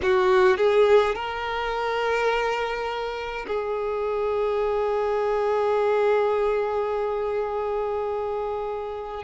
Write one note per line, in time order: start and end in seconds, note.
0.02 0.57 F#4
0.57 1.15 G#4
1.15 3.46 A#4
3.47 9.24 G#4